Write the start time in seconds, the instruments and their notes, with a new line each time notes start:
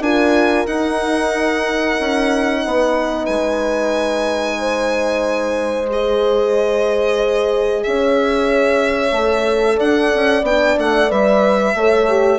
0.00 bassoon D4, horn F4 A#4, violin G#5
0.66 bassoon D#4, horn D#4, violin F#5
2.00 bassoon C#4
2.64 bassoon B3, horn B4
3.25 bassoon G#3, violin G#5
4.59 horn C5
5.90 horn G#4, violin D#5
7.83 bassoon C#4, horn C#5, violin E5
9.12 bassoon A3, horn A4
9.76 bassoon D4, horn D5, violin F#5
10.14 bassoon C#4
10.42 bassoon B3, horn D4, violin G5
10.78 bassoon A3, violin F#5
11.08 bassoon G3, horn B4, violin E5
11.74 bassoon A3, horn A4 C#5
12.09 horn G4